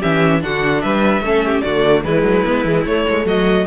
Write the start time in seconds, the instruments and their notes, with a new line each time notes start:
0.00 cello E3, viola C#4, violin G4 E5
0.41 cello D3, viola D4, violin F#4 F#5
0.82 cello G3, violin B4 E5
1.21 cello A3, viola C#4, violin A4
1.45 violin G4
1.61 cello D3, violin F#4 D5
1.68 viola A3
2.04 cello E3, viola G#3, violin E4 B4
2.23 cello F#3
2.45 cello G#3, viola B3
2.65 cello E3, viola G#3
2.85 cello A3, viola A3, violin C#5
3.09 cello G#3
3.26 cello F#3, violin F#4 D#5